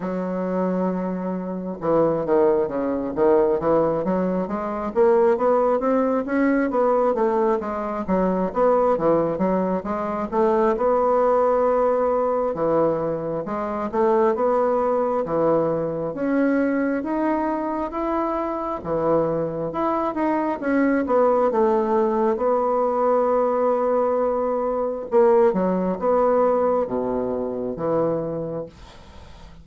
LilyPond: \new Staff \with { instrumentName = "bassoon" } { \time 4/4 \tempo 4 = 67 fis2 e8 dis8 cis8 dis8 | e8 fis8 gis8 ais8 b8 c'8 cis'8 b8 | a8 gis8 fis8 b8 e8 fis8 gis8 a8 | b2 e4 gis8 a8 |
b4 e4 cis'4 dis'4 | e'4 e4 e'8 dis'8 cis'8 b8 | a4 b2. | ais8 fis8 b4 b,4 e4 | }